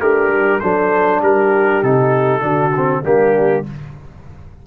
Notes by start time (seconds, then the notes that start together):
0.00 A3 D4 G4 A#4
0.28 G3
0.59 F#3 D4 A4 C5
1.21 G3 G4 A#4
1.82 C3 D#4 A4
2.40 D3 D4 F#4
2.76 C4
3.03 G3 A#3 D4 G4